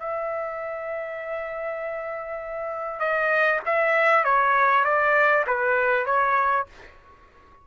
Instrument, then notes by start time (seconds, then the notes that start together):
trumpet
0.00 E5
3.00 D#5
3.66 E5
4.25 C#5
4.85 D5
5.47 B4
6.06 C#5